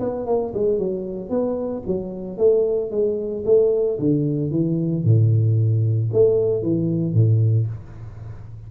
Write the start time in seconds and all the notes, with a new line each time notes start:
0.00 B3
0.27 A#3
0.54 G#3
0.79 F#3
1.30 B3
1.87 F#3
2.38 A3
2.91 G#3
3.46 A3
3.99 D3
4.51 E3
5.04 A2
6.13 A3
6.63 E3
7.14 A2